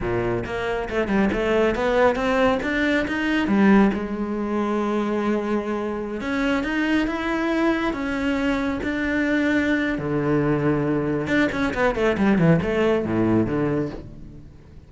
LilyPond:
\new Staff \with { instrumentName = "cello" } { \time 4/4 \tempo 4 = 138 ais,4 ais4 a8 g8 a4 | b4 c'4 d'4 dis'4 | g4 gis2.~ | gis2~ gis16 cis'4 dis'8.~ |
dis'16 e'2 cis'4.~ cis'16~ | cis'16 d'2~ d'8. d4~ | d2 d'8 cis'8 b8 a8 | g8 e8 a4 a,4 d4 | }